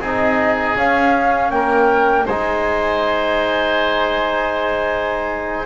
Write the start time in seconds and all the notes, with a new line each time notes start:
0.00 C4 D#4 G#4 D#5
0.76 C#4 F5
1.50 A#3 A#4 G5
2.26 G#3 D#4 C5 G#5